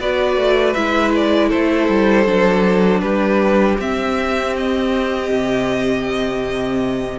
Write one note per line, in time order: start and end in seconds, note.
0.00 0.37 B3
0.00 0.77 F#4
0.00 1.49 B4
0.00 0.74 D5
0.37 0.75 A3
0.74 1.53 G#3
0.74 2.27 E4
0.74 1.12 E5
1.16 1.50 D5
1.49 1.89 A3
1.49 3.01 A4
1.49 3.01 C5
1.89 2.27 G3
2.27 3.03 F#3
2.27 3.79 D4
3.01 3.79 G3
3.01 7.19 G4
3.01 3.77 B4
3.79 5.31 C4
3.79 7.19 C4
3.79 4.57 E5
4.58 7.19 D#5
5.32 7.19 C3